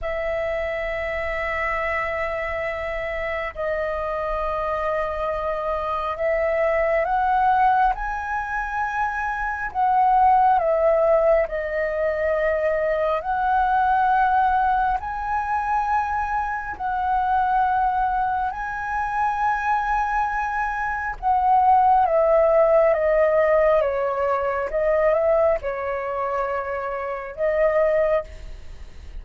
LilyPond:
\new Staff \with { instrumentName = "flute" } { \time 4/4 \tempo 4 = 68 e''1 | dis''2. e''4 | fis''4 gis''2 fis''4 | e''4 dis''2 fis''4~ |
fis''4 gis''2 fis''4~ | fis''4 gis''2. | fis''4 e''4 dis''4 cis''4 | dis''8 e''8 cis''2 dis''4 | }